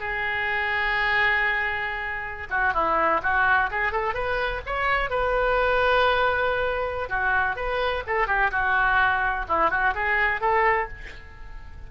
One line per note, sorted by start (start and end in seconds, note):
0.00 2.48 G#4
2.50 2.74 F#4
2.74 3.21 E4
3.23 3.70 F#4
3.71 3.92 G#4
3.92 4.14 A4
4.14 4.61 B4
4.66 5.10 C#5
5.10 7.10 B4
7.10 7.56 F#4
7.56 8.04 B4
8.07 8.27 A4
8.27 8.51 G4
8.51 9.46 F#4
9.49 9.71 E4
9.71 9.94 F#4
9.95 10.41 G#4
10.41 10.88 A4